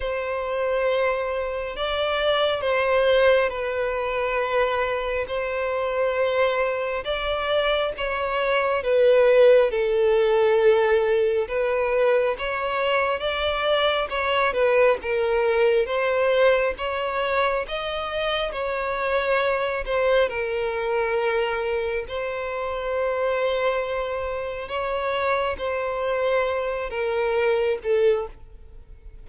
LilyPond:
\new Staff \with { instrumentName = "violin" } { \time 4/4 \tempo 4 = 68 c''2 d''4 c''4 | b'2 c''2 | d''4 cis''4 b'4 a'4~ | a'4 b'4 cis''4 d''4 |
cis''8 b'8 ais'4 c''4 cis''4 | dis''4 cis''4. c''8 ais'4~ | ais'4 c''2. | cis''4 c''4. ais'4 a'8 | }